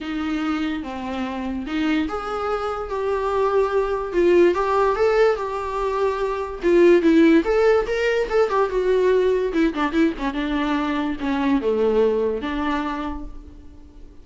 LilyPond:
\new Staff \with { instrumentName = "viola" } { \time 4/4 \tempo 4 = 145 dis'2 c'2 | dis'4 gis'2 g'4~ | g'2 f'4 g'4 | a'4 g'2. |
f'4 e'4 a'4 ais'4 | a'8 g'8 fis'2 e'8 d'8 | e'8 cis'8 d'2 cis'4 | a2 d'2 | }